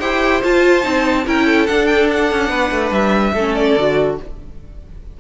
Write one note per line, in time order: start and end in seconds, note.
0.00 0.43 E4
0.00 0.43 G4
0.00 1.25 C5
0.00 0.42 G5
0.43 0.83 F4
0.43 0.85 F4
0.43 1.27 A5
0.83 1.27 C4
0.83 1.24 D#4
1.26 1.69 C#4
1.26 1.68 E4
1.26 1.46 A#4
1.26 1.67 G5
1.46 2.50 A4
1.67 3.34 D4
1.67 2.32 D4
1.67 1.86 F#5
1.86 2.07 G5
2.11 2.93 F#5
2.32 2.50 C#4
2.50 2.70 B3
2.50 3.33 B4
2.71 2.91 A3
2.91 3.33 G3
2.91 3.55 E5
3.33 3.75 A3
3.33 3.79 C#4
3.33 4.18 A4
3.55 4.17 D5
3.77 4.19 D3
3.77 4.20 F#4